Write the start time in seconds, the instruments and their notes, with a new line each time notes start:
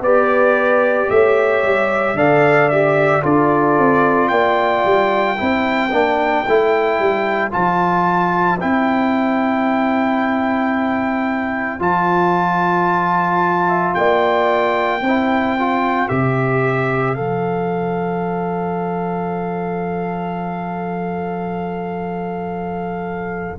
0.00 tuba B3, trombone G4, horn B4, trumpet D5
1.10 tuba A3, horn C#5, trumpet E5
1.63 tuba G3
2.14 tuba D3, trombone A4, horn D5, trumpet F5
2.69 trombone G4, trumpet E5
3.23 tuba D4, trombone F4, horn A4, trumpet D5
3.79 tuba C4
4.28 tuba A#3, horn D5, trumpet G5
4.85 tuba G3
5.37 tuba C4, trombone E4, horn C5
5.92 tuba A#3, trombone D4
6.48 tuba A3, trombone E4
6.99 tuba G3
7.51 tuba F3, trombone F4, trumpet A5
8.60 tuba C4, trombone E4, trumpet G5
11.79 tuba F3, trombone F4, trumpet A5
13.68 horn E5
13.94 tuba A#3, horn D5, trumpet G5
15.01 tuba C4, horn C5
15.07 trombone E4
15.59 trombone F4
16.08 tuba C3, trombone G4, trumpet E5
17.15 tuba F3, trombone A4, trumpet F5